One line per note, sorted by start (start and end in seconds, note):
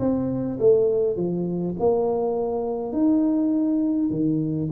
0.00 0.59 C4
0.60 1.17 A3
1.17 1.75 F3
1.80 2.93 A#3
2.93 4.10 D#4
4.10 4.69 D#3